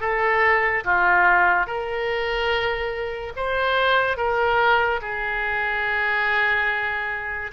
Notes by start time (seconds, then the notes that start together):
0.00 A4
0.84 F4
1.66 A#4
3.36 C5
4.17 A#4
5.01 G#4